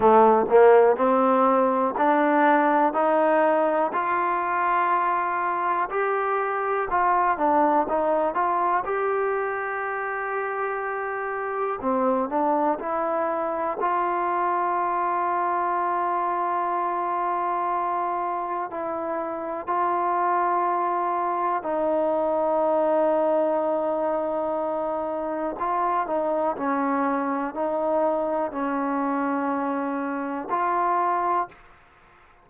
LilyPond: \new Staff \with { instrumentName = "trombone" } { \time 4/4 \tempo 4 = 61 a8 ais8 c'4 d'4 dis'4 | f'2 g'4 f'8 d'8 | dis'8 f'8 g'2. | c'8 d'8 e'4 f'2~ |
f'2. e'4 | f'2 dis'2~ | dis'2 f'8 dis'8 cis'4 | dis'4 cis'2 f'4 | }